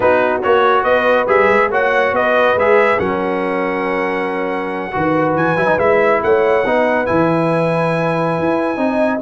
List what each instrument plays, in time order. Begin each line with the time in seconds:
0.00 tuba B3, trombone D#4, horn F#4, trumpet B4
0.42 tuba A#3, trombone F#4, trumpet C#5
0.83 tuba B3, horn B4, trumpet D#5
1.27 tuba G3, trombone G#4, trumpet E5
1.49 tuba G#3
1.70 tuba A#3, trombone F#4, horn C#5, trumpet F#5
2.12 tuba B3, horn B4, trumpet D#5
2.55 tuba G#3, trombone G#4, trumpet E5
2.98 tuba F#3, trombone C#4, horn A#4, trumpet F#5
4.92 tuba D#3, trombone F#4, horn B4
5.34 tuba E3, trumpet G#5
5.56 tuba F#3, trombone E4
5.67 trombone D#4
5.78 tuba G#3, trombone E4, trumpet E5
6.23 tuba A3, horn C#5, trumpet F#5
6.64 tuba B3, trombone D#4, horn B4
7.05 tuba E3, trombone E4, trumpet G#5
8.38 tuba E4
8.76 tuba C4, trombone D#4
8.82 horn D#5